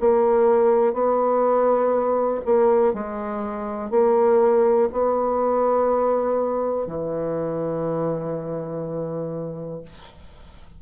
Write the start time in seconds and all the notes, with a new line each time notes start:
0.00 A#3
0.93 B3
2.45 A#3
2.93 G#3
3.90 A#3
4.92 B3
6.87 E3